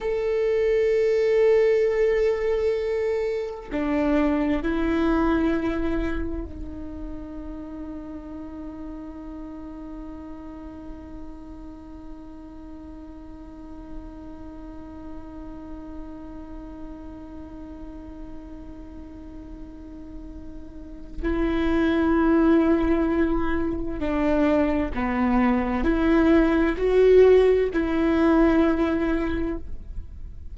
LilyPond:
\new Staff \with { instrumentName = "viola" } { \time 4/4 \tempo 4 = 65 a'1 | d'4 e'2 dis'4~ | dis'1~ | dis'1~ |
dis'1~ | dis'2. e'4~ | e'2 d'4 b4 | e'4 fis'4 e'2 | }